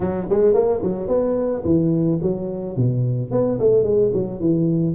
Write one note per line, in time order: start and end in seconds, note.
0.00 0.27 F#3
0.29 0.54 G#3
0.54 0.81 A#3
0.82 1.08 F#3
1.08 1.63 B3
1.64 2.19 E3
2.21 2.76 F#3
2.76 3.31 B2
3.31 3.58 B3
3.59 3.83 A3
3.83 4.11 G#3
4.13 4.40 F#3
4.40 4.95 E3